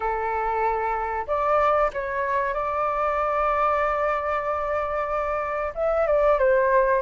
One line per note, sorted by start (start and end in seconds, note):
0.00 1.26 A4
1.27 1.91 D5
1.93 2.54 C#5
2.54 5.73 D5
5.74 6.06 E5
6.06 6.38 D5
6.38 7.02 C5